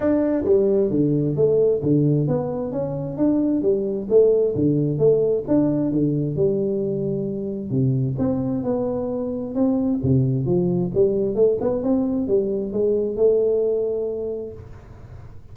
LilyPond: \new Staff \with { instrumentName = "tuba" } { \time 4/4 \tempo 4 = 132 d'4 g4 d4 a4 | d4 b4 cis'4 d'4 | g4 a4 d4 a4 | d'4 d4 g2~ |
g4 c4 c'4 b4~ | b4 c'4 c4 f4 | g4 a8 b8 c'4 g4 | gis4 a2. | }